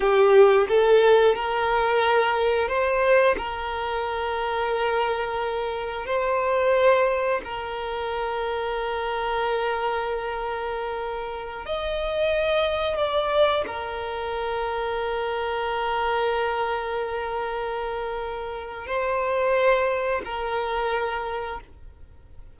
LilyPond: \new Staff \with { instrumentName = "violin" } { \time 4/4 \tempo 4 = 89 g'4 a'4 ais'2 | c''4 ais'2.~ | ais'4 c''2 ais'4~ | ais'1~ |
ais'4~ ais'16 dis''2 d''8.~ | d''16 ais'2.~ ais'8.~ | ais'1 | c''2 ais'2 | }